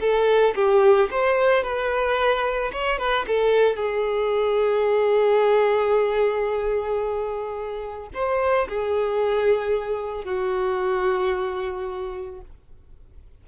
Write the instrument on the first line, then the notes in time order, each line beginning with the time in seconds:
violin
0.00 A4
0.55 G4
1.11 C5
1.63 B4
2.72 C#5
2.98 B4
3.27 A4
3.76 G#4
8.14 C5
8.68 G#4
10.24 F#4